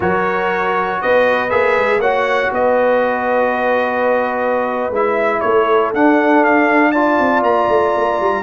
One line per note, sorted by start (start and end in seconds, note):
0.00 0.99 F#3
0.00 1.49 F#4
0.00 1.00 A#4
0.00 1.01 C#5
1.01 1.52 B3
1.01 2.01 B4
1.01 1.50 D#5
1.49 1.77 A#3
1.49 2.00 G#4
1.49 2.00 E5
1.77 1.98 G#3
1.98 2.48 A#3
1.98 4.92 F#4
1.98 2.51 C#5
1.98 2.51 F#5
2.51 4.89 B3
2.51 5.41 B4
2.51 4.93 D#5
4.89 5.40 G#3
4.89 5.94 E4
4.89 5.40 E5
5.40 5.93 A3
5.40 6.90 A4
5.40 5.90 C#5
5.93 7.19 D4
5.93 6.94 D4
5.93 6.44 F#5
6.44 6.91 F5
6.90 8.42 F4
6.90 8.42 D5
6.90 7.41 A5
7.19 7.42 C4
7.42 7.67 A#3
7.42 8.42 A#5
7.68 7.93 A3
7.96 8.20 A#3
8.20 8.42 G3